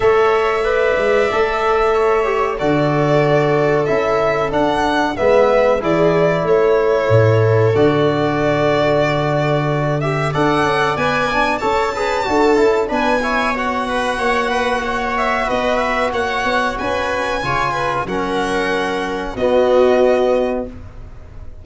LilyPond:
<<
  \new Staff \with { instrumentName = "violin" } { \time 4/4 \tempo 4 = 93 e''1 | d''2 e''4 fis''4 | e''4 d''4 cis''2 | d''2.~ d''8 e''8 |
fis''4 gis''4 a''2 | gis''4 fis''2~ fis''8 e''8 | dis''8 e''8 fis''4 gis''2 | fis''2 dis''2 | }
  \new Staff \with { instrumentName = "viola" } { \time 4/4 cis''4 d''2 cis''4 | a'1 | b'4 gis'4 a'2~ | a'1 |
d''2 cis''8 b'8 a'4 | b'8 cis''4 b'8 cis''8 b'8 cis''4 | b'4 cis''4 b'4 cis''8 b'8 | ais'2 fis'2 | }
  \new Staff \with { instrumentName = "trombone" } { \time 4/4 a'4 b'4 a'4. g'8 | fis'2 e'4 d'4 | b4 e'2. | fis'2.~ fis'8 g'8 |
a'4 b'8 d'8 a'8 gis'8 fis'8 e'8 | d'8 e'8 fis'2.~ | fis'2. f'4 | cis'2 b2 | }
  \new Staff \with { instrumentName = "tuba" } { \time 4/4 a4. gis8 a2 | d2 cis'4 d'4 | gis4 e4 a4 a,4 | d1 |
d'8 cis'8 b4 cis'4 d'8 cis'8 | b2 ais2 | b4 ais8 b8 cis'4 cis4 | fis2 b2 | }
>>